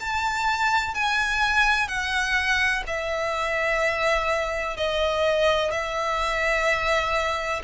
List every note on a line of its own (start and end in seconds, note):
0.00 0.94 A5
0.94 1.88 G#5
1.88 2.83 F#5
2.87 4.77 E5
4.77 5.71 D#5
5.71 7.62 E5